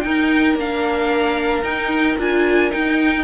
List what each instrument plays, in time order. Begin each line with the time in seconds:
0.00 viola D#4, cello D#4, violin A#4 G5
0.55 cello A#3, viola D4, violin F5
1.63 cello D#4, viola D#4, violin G5
2.18 cello D4, viola F4, violin G#5
2.70 viola D#4, cello D#4, violin G5